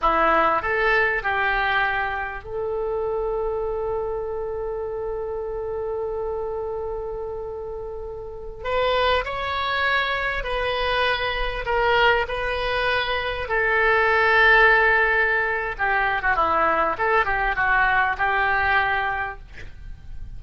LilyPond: \new Staff \with { instrumentName = "oboe" } { \time 4/4 \tempo 4 = 99 e'4 a'4 g'2 | a'1~ | a'1~ | a'2~ a'16 b'4 cis''8.~ |
cis''4~ cis''16 b'2 ais'8.~ | ais'16 b'2 a'4.~ a'16~ | a'2 g'8. fis'16 e'4 | a'8 g'8 fis'4 g'2 | }